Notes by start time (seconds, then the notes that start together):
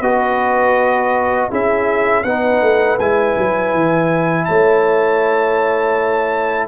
0.00 B3 F#4 B4 D#5
1.50 C#4 E4 G#4 E5
2.23 B3 D#4 B4 F#5
2.61 A3
2.99 G#3 E4 G#5
3.37 F#3
3.74 E3
4.45 A3 C#5 A5